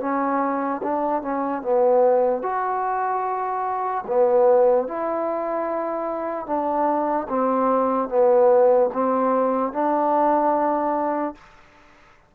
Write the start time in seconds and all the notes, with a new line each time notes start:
0.00 C#4
0.83 D4
1.22 C#4
1.62 B3
2.43 F#4
4.07 B3
4.88 E4
6.46 D4
7.29 C4
8.09 B3
8.93 C4
9.73 D4